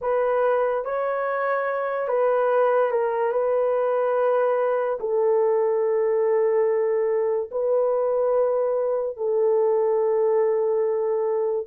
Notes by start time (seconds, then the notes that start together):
0.01 B4
0.84 C#5
2.08 B4
2.91 A#4
3.32 B4
5.00 A4
7.51 B4
9.17 A4